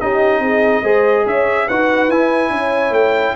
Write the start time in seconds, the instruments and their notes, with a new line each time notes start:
0.00 tuba C#4, trombone D#4, horn G4, trumpet D#5
0.39 tuba C4, horn G#4
0.83 tuba G#3, trombone G#4, horn C5
1.26 tuba C#4, horn C#5, trumpet E5
1.67 tuba D#4, trombone F#4, horn B4, trumpet F#5
2.08 tuba E4, trombone E4, trumpet G#5
2.50 tuba C#4, horn C#5
2.91 tuba A3, trumpet G5